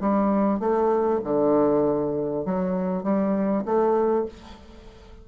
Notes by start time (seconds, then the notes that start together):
0.00 G3
0.59 A3
1.24 D3
2.45 F#3
3.03 G3
3.65 A3